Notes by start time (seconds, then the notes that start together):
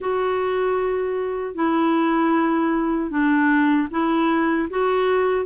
0.00 F#4
1.54 E4
3.10 D4
3.90 E4
4.70 F#4